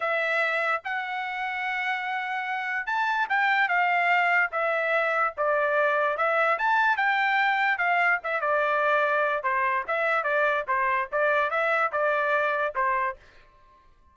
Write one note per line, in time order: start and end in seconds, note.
0.00 0.81 E5
0.84 2.86 F#5
2.86 3.27 A5
3.29 3.68 G5
3.68 4.50 F5
4.51 5.33 E5
5.37 6.17 D5
6.17 6.58 E5
6.58 6.96 A5
6.96 7.78 G5
7.78 8.19 F5
8.23 8.40 E5
8.40 9.43 D5
9.43 9.84 C5
9.87 10.23 E5
10.23 10.64 D5
10.67 11.08 C5
11.12 11.50 D5
11.50 11.91 E5
11.92 12.74 D5
12.75 13.16 C5